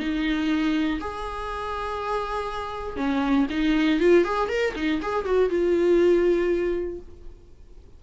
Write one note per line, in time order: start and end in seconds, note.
0.00 1.00 D#4
1.01 2.97 G#4
2.97 3.47 C#4
3.50 4.00 D#4
4.00 4.25 F4
4.25 4.49 G#4
4.49 4.74 A#4
4.76 5.01 D#4
5.02 5.25 G#4
5.25 5.50 F#4
5.50 7.00 F4